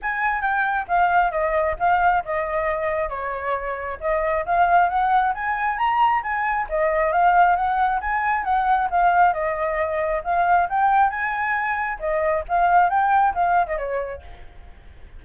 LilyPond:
\new Staff \with { instrumentName = "flute" } { \time 4/4 \tempo 4 = 135 gis''4 g''4 f''4 dis''4 | f''4 dis''2 cis''4~ | cis''4 dis''4 f''4 fis''4 | gis''4 ais''4 gis''4 dis''4 |
f''4 fis''4 gis''4 fis''4 | f''4 dis''2 f''4 | g''4 gis''2 dis''4 | f''4 g''4 f''8. dis''16 cis''4 | }